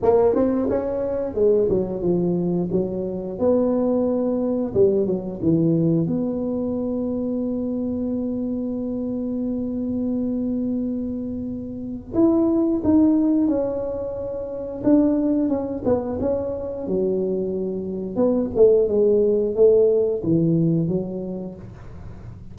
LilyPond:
\new Staff \with { instrumentName = "tuba" } { \time 4/4 \tempo 4 = 89 ais8 c'8 cis'4 gis8 fis8 f4 | fis4 b2 g8 fis8 | e4 b2.~ | b1~ |
b2 e'4 dis'4 | cis'2 d'4 cis'8 b8 | cis'4 fis2 b8 a8 | gis4 a4 e4 fis4 | }